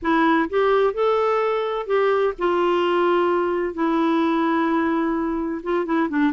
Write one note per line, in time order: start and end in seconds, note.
0.02 0.49 E4
0.49 0.93 G4
0.93 1.86 A4
1.86 2.33 G4
2.38 3.74 F4
3.74 5.61 E4
5.63 5.85 F4
5.85 6.09 E4
6.09 6.32 D4